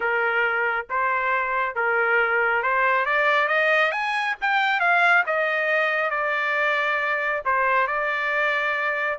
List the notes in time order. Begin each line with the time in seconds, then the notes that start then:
0.00 A#4
0.89 C5
1.75 A#4
2.63 C5
3.05 D5
3.48 D#5
3.91 G#5
4.41 G5
4.80 F5
5.26 D#5
6.10 D5
7.45 C5
7.87 D5